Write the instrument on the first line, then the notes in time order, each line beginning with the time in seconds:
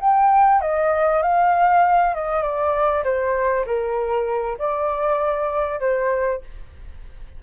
flute
0.00 G5
0.61 D#5
1.22 F5
2.14 D#5
2.42 D5
3.04 C5
3.66 A#4
4.58 D5
5.80 C5